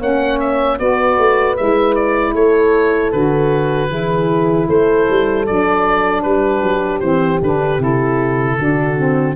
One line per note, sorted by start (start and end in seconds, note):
0.00 0.78 A#3
0.00 0.77 C#4
0.00 0.78 C#5
0.00 0.39 F#5
0.39 0.78 E5
0.77 1.18 B3
0.77 1.55 F#4
0.77 2.33 B4
0.77 1.56 D5
1.18 1.57 A3
1.56 2.34 G#3
1.56 3.12 E4
1.56 1.95 E5
1.95 2.34 D5
2.33 3.12 A3
2.33 3.88 A4
2.33 3.12 C#5
3.12 3.90 D3
3.12 3.88 F#4
3.12 4.67 B4
3.88 4.68 E3
3.88 5.44 E4
3.88 4.67 G#4
4.67 5.07 A3
4.67 6.23 A4
4.67 5.46 C5
5.10 5.49 G3
5.46 6.24 F#3
5.46 7.02 D4
5.46 6.22 D5
6.22 6.62 G3
6.22 8.57 G4
6.22 7.00 B4
6.62 7.01 F#3
7.00 7.41 E3
7.00 7.41 C4
7.00 7.38 C5
7.41 7.78 D3
7.41 7.79 D4
7.41 7.82 B4
7.78 8.56 C3
7.78 8.57 E4
7.78 9.35 A4
8.57 9.35 D3
8.57 8.97 D4
8.57 9.35 F#4
8.97 9.35 C4